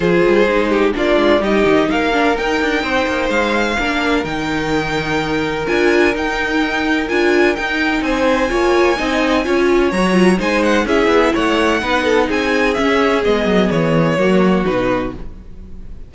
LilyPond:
<<
  \new Staff \with { instrumentName = "violin" } { \time 4/4 \tempo 4 = 127 c''2 d''4 dis''4 | f''4 g''2 f''4~ | f''4 g''2. | gis''4 g''2 gis''4 |
g''4 gis''2.~ | gis''4 ais''4 gis''8 fis''8 e''4 | fis''2 gis''4 e''4 | dis''4 cis''2 b'4 | }
  \new Staff \with { instrumentName = "violin" } { \time 4/4 gis'4. g'8 f'4 g'4 | ais'2 c''2 | ais'1~ | ais'1~ |
ais'4 c''4 cis''4 dis''4 | cis''2 c''4 gis'4 | cis''4 b'8 a'8 gis'2~ | gis'2 fis'2 | }
  \new Staff \with { instrumentName = "viola" } { \time 4/4 f'4 dis'4 d'4 dis'4~ | dis'8 d'8 dis'2. | d'4 dis'2. | f'4 dis'2 f'4 |
dis'2 f'4 dis'4 | f'4 fis'8 f'8 dis'4 e'4~ | e'4 dis'2 cis'4 | b2 ais4 dis'4 | }
  \new Staff \with { instrumentName = "cello" } { \time 4/4 f8 g8 gis4 ais8 gis8 g8 dis8 | ais4 dis'8 d'8 c'8 ais8 gis4 | ais4 dis2. | d'4 dis'2 d'4 |
dis'4 c'4 ais4 c'4 | cis'4 fis4 gis4 cis'8 b8 | a4 b4 c'4 cis'4 | gis8 fis8 e4 fis4 b,4 | }
>>